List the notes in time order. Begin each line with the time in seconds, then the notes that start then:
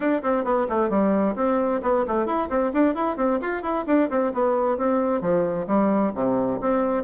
0.00 D4
0.22 C4
0.44 B3
0.69 A3
0.89 G3
1.35 C4
1.82 B3
2.07 A3
2.26 E4
2.49 C4
2.73 D4
2.94 E4
3.17 C4
3.41 F4
3.62 E4
3.87 D4
4.10 C4
4.33 B3
4.77 C4
5.21 F3
5.67 G3
6.14 C3
6.60 C4